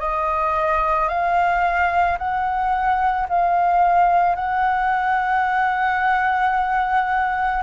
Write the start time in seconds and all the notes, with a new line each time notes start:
0.00 D#5
1.09 F5
2.19 F#5
3.29 F5
4.36 F#5